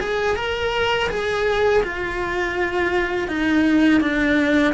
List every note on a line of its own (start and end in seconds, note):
0.00 0.36 G#4
0.36 1.09 A#4
1.09 1.83 G#4
1.83 3.28 F4
3.28 4.01 D#4
4.01 4.74 D4